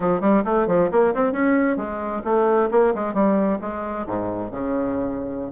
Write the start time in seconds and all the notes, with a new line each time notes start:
0.00 F3
0.20 G3
0.44 A3
0.67 F3
0.91 A#3
1.14 C4
1.32 C#4
1.77 G#3
2.24 A3
2.71 A#3
2.94 G#3
3.14 G3
3.61 G#3
4.06 G#2
4.51 C#3